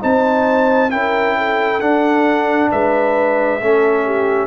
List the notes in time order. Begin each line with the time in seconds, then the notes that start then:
0.00 C4 D#4 C5 A5
0.90 C#4 E4 A#4 G5
1.37 A4
1.80 D4 F#5
2.71 G#3 B4 E5
3.60 A3 C#4 A4
4.05 G4